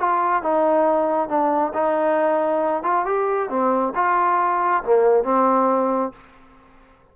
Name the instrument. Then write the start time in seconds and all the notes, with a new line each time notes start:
trombone
0.00 F4
0.43 D#4
1.29 D4
1.74 D#4
2.84 F4
3.06 G4
3.50 C4
3.95 F4
4.84 A#3
5.24 C4